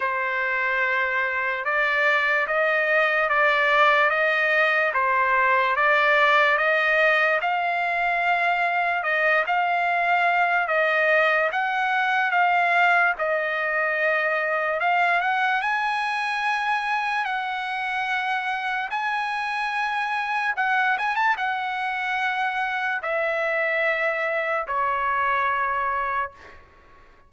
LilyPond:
\new Staff \with { instrumentName = "trumpet" } { \time 4/4 \tempo 4 = 73 c''2 d''4 dis''4 | d''4 dis''4 c''4 d''4 | dis''4 f''2 dis''8 f''8~ | f''4 dis''4 fis''4 f''4 |
dis''2 f''8 fis''8 gis''4~ | gis''4 fis''2 gis''4~ | gis''4 fis''8 gis''16 a''16 fis''2 | e''2 cis''2 | }